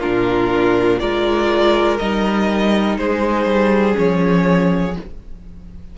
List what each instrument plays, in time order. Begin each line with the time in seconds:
0.00 cello A#2, viola D4, violin F4 A#4
0.99 cello G#3, viola F4, violin A#4 D5
1.99 cello G3, viola D#4, violin D#5
2.98 cello G#3, violin G#4 C5
3.46 cello G3
3.93 cello F3, viola C#4, violin C#5